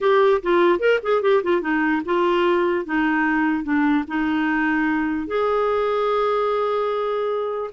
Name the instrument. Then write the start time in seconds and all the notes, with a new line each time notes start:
clarinet
0.01 G4
0.42 F4
0.79 A#4
1.02 G#4
1.22 G4
1.43 F4
1.61 D#4
2.05 F4
2.85 D#4
3.63 D4
4.07 D#4
5.27 G#4